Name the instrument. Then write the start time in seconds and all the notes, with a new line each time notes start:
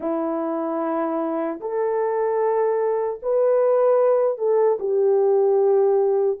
horn
0.00 E4
1.60 A4
3.22 B4
4.38 A4
4.79 G4